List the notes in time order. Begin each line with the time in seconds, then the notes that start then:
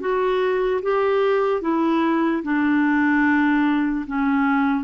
0.00 F#4
0.83 G4
1.62 E4
2.43 D4
4.07 C#4